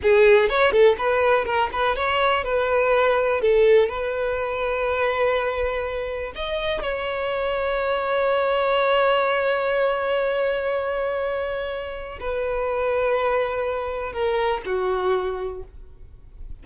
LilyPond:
\new Staff \with { instrumentName = "violin" } { \time 4/4 \tempo 4 = 123 gis'4 cis''8 a'8 b'4 ais'8 b'8 | cis''4 b'2 a'4 | b'1~ | b'4 dis''4 cis''2~ |
cis''1~ | cis''1~ | cis''4 b'2.~ | b'4 ais'4 fis'2 | }